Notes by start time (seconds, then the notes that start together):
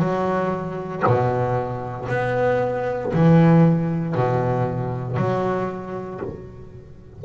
0.00 F#3
1.07 B2
2.09 B3
3.14 E3
4.15 B2
5.17 F#3